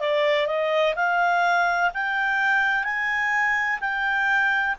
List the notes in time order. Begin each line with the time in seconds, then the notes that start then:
0.00 D5
0.46 D#5
0.95 F5
1.94 G5
2.84 G#5
3.80 G5